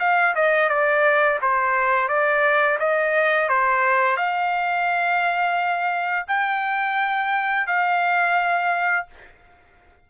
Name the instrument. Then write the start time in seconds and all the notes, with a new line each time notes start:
trumpet
0.00 F5
0.35 D#5
0.70 D5
1.42 C5
2.09 D5
2.80 D#5
3.49 C5
4.17 F5
6.28 G5
7.67 F5